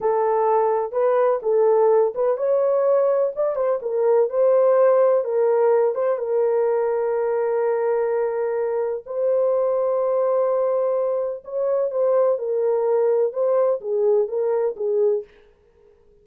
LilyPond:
\new Staff \with { instrumentName = "horn" } { \time 4/4 \tempo 4 = 126 a'2 b'4 a'4~ | a'8 b'8 cis''2 d''8 c''8 | ais'4 c''2 ais'4~ | ais'8 c''8 ais'2.~ |
ais'2. c''4~ | c''1 | cis''4 c''4 ais'2 | c''4 gis'4 ais'4 gis'4 | }